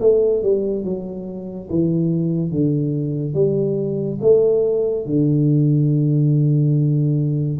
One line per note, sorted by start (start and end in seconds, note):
0.00 0.42 A3
0.43 0.84 G3
0.84 1.69 F#3
1.70 2.51 E3
2.51 3.34 D3
3.34 4.18 G3
4.21 5.06 A3
5.06 7.59 D3